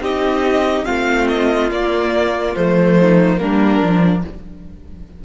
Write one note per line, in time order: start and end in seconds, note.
0.00 0.85 C4
0.00 0.86 D#4
0.00 0.85 G4
0.00 0.85 D#5
0.85 1.71 A3
0.85 1.70 C4
0.85 2.96 F4
0.85 1.27 F5
1.28 1.71 D#5
1.70 2.55 A#3
1.70 2.55 D5
2.55 3.41 F3
2.55 3.38 A3
2.55 3.39 C5
2.99 3.40 D#4
3.38 3.82 G3
3.38 3.80 A#3
3.38 4.24 D4
3.38 4.23 A#4
3.81 4.24 F3
3.81 4.24 D4